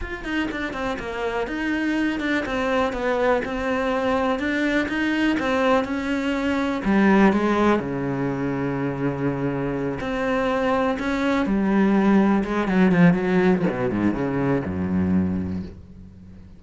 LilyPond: \new Staff \with { instrumentName = "cello" } { \time 4/4 \tempo 4 = 123 f'8 dis'8 d'8 c'8 ais4 dis'4~ | dis'8 d'8 c'4 b4 c'4~ | c'4 d'4 dis'4 c'4 | cis'2 g4 gis4 |
cis1~ | cis8 c'2 cis'4 g8~ | g4. gis8 fis8 f8 fis4 | b,8 gis,8 cis4 fis,2 | }